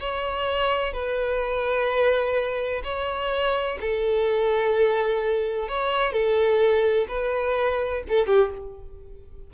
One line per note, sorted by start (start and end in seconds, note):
0.00 0.93 C#5
0.93 2.82 B4
2.84 3.79 C#5
3.81 5.68 A4
5.68 6.13 C#5
6.13 7.07 A4
7.09 8.03 B4
8.09 8.27 A4
8.27 8.51 G4